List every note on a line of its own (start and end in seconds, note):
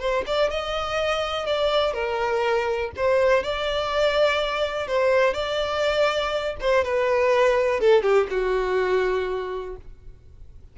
0.00 0.24 C5
0.27 0.51 D5
0.51 1.47 D#5
1.47 1.94 D5
1.94 2.91 A#4
2.97 3.44 C5
3.44 4.88 D5
4.88 5.34 C5
5.34 6.56 D5
6.61 6.84 C5
6.84 7.80 B4
7.80 8.03 A4
8.03 8.27 G4
8.30 9.77 F#4